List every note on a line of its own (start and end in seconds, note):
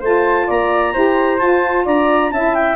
0.00 0.48 A3
0.00 0.94 F4
0.00 0.46 C5
0.00 0.50 A5
0.47 0.95 A#3
0.47 0.93 D5
0.47 1.39 A#5
0.93 1.41 E4
0.93 1.40 G4
0.93 1.85 C5
1.39 2.32 F4
1.39 1.86 F4
1.39 1.85 A5
1.85 2.31 D4
1.85 2.31 D5
1.85 2.32 A#5
2.31 2.76 C#4
2.31 2.76 E4
2.31 2.76 E5
2.31 2.54 A5
2.54 2.76 G5